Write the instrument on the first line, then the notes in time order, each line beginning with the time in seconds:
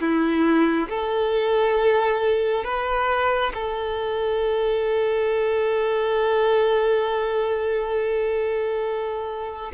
violin
0.00 E4
0.89 A4
2.64 B4
3.54 A4